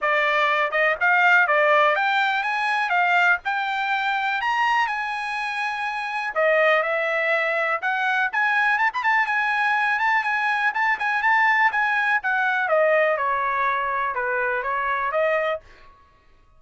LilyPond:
\new Staff \with { instrumentName = "trumpet" } { \time 4/4 \tempo 4 = 123 d''4. dis''8 f''4 d''4 | g''4 gis''4 f''4 g''4~ | g''4 ais''4 gis''2~ | gis''4 dis''4 e''2 |
fis''4 gis''4 a''16 b''16 a''8 gis''4~ | gis''8 a''8 gis''4 a''8 gis''8 a''4 | gis''4 fis''4 dis''4 cis''4~ | cis''4 b'4 cis''4 dis''4 | }